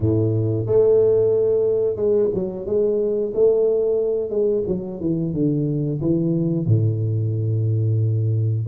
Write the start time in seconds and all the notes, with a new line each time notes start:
0.00 A2
0.66 A3
1.95 G#3
2.33 F#3
2.66 G#3
3.33 A3
4.29 G#3
4.67 F#3
5.00 E3
5.33 D3
6.01 E3
6.66 A2